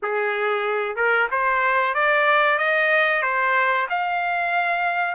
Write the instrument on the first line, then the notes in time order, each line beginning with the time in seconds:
trumpet
0.02 G#4
0.95 A#4
1.31 C5
1.94 D5
2.58 D#5
3.22 C5
3.89 F5